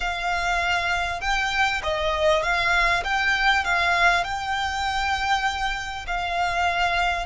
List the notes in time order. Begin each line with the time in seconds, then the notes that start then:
0.00 F5
1.20 G5
1.83 D#5
2.42 F5
3.04 G5
3.64 F5
4.24 G5
6.06 F5